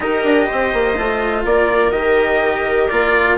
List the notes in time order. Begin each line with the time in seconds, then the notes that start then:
0.00 D#4 G4 A#4 D#5
0.24 D4
0.47 C4 C5
0.73 A#3
0.97 A3 F4
1.44 A#3 A#4 D5
1.91 D#3 G4 D#5
2.88 A#3 F4 D5